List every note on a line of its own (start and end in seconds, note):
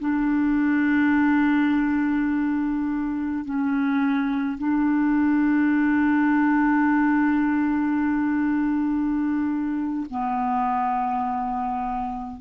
0.00 3.46 D4
3.46 4.58 C#4
4.58 10.06 D4
10.11 12.41 B3